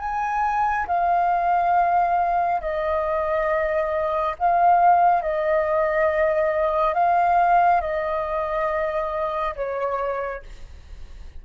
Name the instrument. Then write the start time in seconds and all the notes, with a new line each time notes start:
flute
0.00 G#5
0.88 F5
2.62 D#5
4.39 F5
5.22 D#5
6.94 F5
7.81 D#5
9.56 C#5